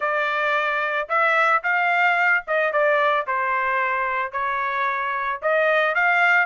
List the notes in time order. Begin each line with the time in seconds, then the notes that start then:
0.00 D5
1.08 E5
1.63 F5
2.47 D#5
2.72 D5
3.27 C5
4.32 C#5
5.42 D#5
5.94 F5